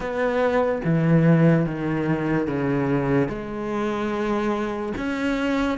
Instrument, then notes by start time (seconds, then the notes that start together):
cello
0.00 B3
0.84 E3
1.66 D#3
2.47 C#3
3.28 G#3
4.97 C#4